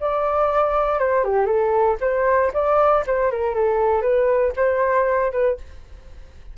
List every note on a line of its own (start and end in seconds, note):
0.00 0.99 D5
0.99 1.24 C5
1.24 1.46 G4
1.46 1.96 A4
2.01 2.51 C5
2.53 3.04 D5
3.06 3.31 C5
3.31 3.55 A#4
3.55 4.02 A4
4.02 4.53 B4
4.56 5.32 C5
5.32 5.57 B4